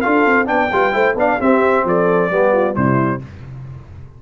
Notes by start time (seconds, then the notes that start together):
0.00 D4 F4 A4 F5
0.25 C4
0.45 B3 D4 D5 G5
0.72 G3 F4 B4
0.92 A3 E4 C5
1.14 B3 D4 D5 F5
1.40 C4 G4 E5
1.84 F3 A4 D5
2.30 G3 B3 G4
2.53 F4
2.74 C3 G3 E4 C5